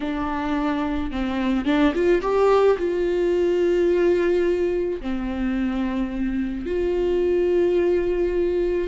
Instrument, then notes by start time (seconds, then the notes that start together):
viola
0.00 D4
1.11 C4
1.65 D4
1.94 F4
2.21 G4
2.78 F4
5.01 C4
6.65 F4